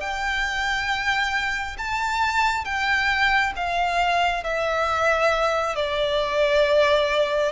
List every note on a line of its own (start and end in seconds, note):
0.00 1.76 G5
1.78 2.65 A5
2.65 3.53 G5
3.56 4.43 F5
4.43 5.76 E5
5.76 7.52 D5